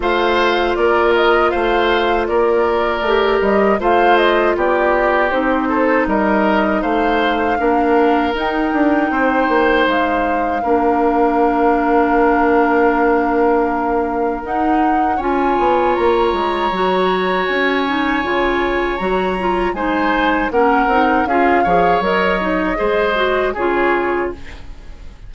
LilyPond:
<<
  \new Staff \with { instrumentName = "flute" } { \time 4/4 \tempo 4 = 79 f''4 d''8 dis''8 f''4 d''4~ | d''8 dis''8 f''8 dis''8 d''4 c''4 | dis''4 f''2 g''4~ | g''4 f''2.~ |
f''2. fis''4 | gis''4 ais''2 gis''4~ | gis''4 ais''4 gis''4 fis''4 | f''4 dis''2 cis''4 | }
  \new Staff \with { instrumentName = "oboe" } { \time 4/4 c''4 ais'4 c''4 ais'4~ | ais'4 c''4 g'4. a'8 | ais'4 c''4 ais'2 | c''2 ais'2~ |
ais'1 | cis''1~ | cis''2 c''4 ais'4 | gis'8 cis''4. c''4 gis'4 | }
  \new Staff \with { instrumentName = "clarinet" } { \time 4/4 f'1 | g'4 f'2 dis'4~ | dis'2 d'4 dis'4~ | dis'2 d'2~ |
d'2. dis'4 | f'2 fis'4. dis'8 | f'4 fis'8 f'8 dis'4 cis'8 dis'8 | f'8 gis'8 ais'8 dis'8 gis'8 fis'8 f'4 | }
  \new Staff \with { instrumentName = "bassoon" } { \time 4/4 a4 ais4 a4 ais4 | a8 g8 a4 b4 c'4 | g4 a4 ais4 dis'8 d'8 | c'8 ais8 gis4 ais2~ |
ais2. dis'4 | cis'8 b8 ais8 gis8 fis4 cis'4 | cis4 fis4 gis4 ais8 c'8 | cis'8 f8 fis4 gis4 cis4 | }
>>